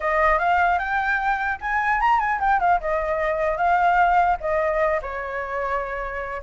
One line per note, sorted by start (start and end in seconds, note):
0.00 0.39 D#5
0.39 0.78 F5
0.78 1.58 G5
1.60 2.00 G#5
2.00 2.19 A#5
2.19 2.39 G#5
2.40 2.60 G5
2.60 2.80 F5
2.80 3.57 D#5
3.57 4.37 F5
4.40 5.00 D#5
5.02 6.42 C#5